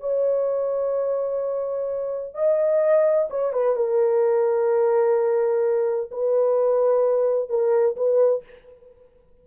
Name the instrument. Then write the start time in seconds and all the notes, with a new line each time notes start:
horn
0.00 C#5
2.35 D#5
3.30 C#5
3.53 B4
3.76 A#4
6.11 B4
7.49 A#4
7.96 B4